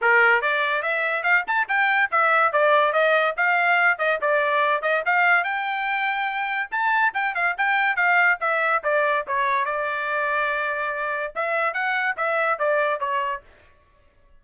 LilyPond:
\new Staff \with { instrumentName = "trumpet" } { \time 4/4 \tempo 4 = 143 ais'4 d''4 e''4 f''8 a''8 | g''4 e''4 d''4 dis''4 | f''4. dis''8 d''4. dis''8 | f''4 g''2. |
a''4 g''8 f''8 g''4 f''4 | e''4 d''4 cis''4 d''4~ | d''2. e''4 | fis''4 e''4 d''4 cis''4 | }